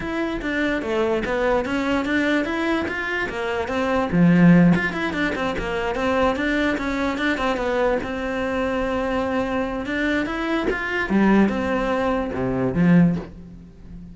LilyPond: \new Staff \with { instrumentName = "cello" } { \time 4/4 \tempo 4 = 146 e'4 d'4 a4 b4 | cis'4 d'4 e'4 f'4 | ais4 c'4 f4. f'8 | e'8 d'8 c'8 ais4 c'4 d'8~ |
d'8 cis'4 d'8 c'8 b4 c'8~ | c'1 | d'4 e'4 f'4 g4 | c'2 c4 f4 | }